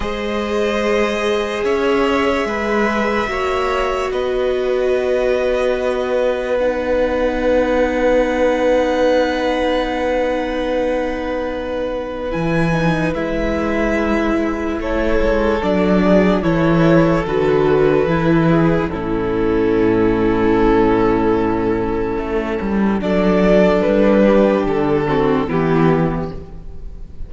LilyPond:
<<
  \new Staff \with { instrumentName = "violin" } { \time 4/4 \tempo 4 = 73 dis''2 e''2~ | e''4 dis''2. | fis''1~ | fis''2. gis''4 |
e''2 cis''4 d''4 | cis''4 b'2 a'4~ | a'1 | d''4 b'4 a'4 g'4 | }
  \new Staff \with { instrumentName = "violin" } { \time 4/4 c''2 cis''4 b'4 | cis''4 b'2.~ | b'1~ | b'1~ |
b'2 a'4. gis'8 | a'2~ a'8 gis'8 e'4~ | e'1 | a'4. g'4 fis'8 e'4 | }
  \new Staff \with { instrumentName = "viola" } { \time 4/4 gis'1 | fis'1 | dis'1~ | dis'2. e'8 dis'8 |
e'2. d'4 | e'4 fis'4 e'4 cis'4~ | cis'1 | d'2~ d'8 c'8 b4 | }
  \new Staff \with { instrumentName = "cello" } { \time 4/4 gis2 cis'4 gis4 | ais4 b2.~ | b1~ | b2. e4 |
gis2 a8 gis8 fis4 | e4 d4 e4 a,4~ | a,2. a8 g8 | fis4 g4 d4 e4 | }
>>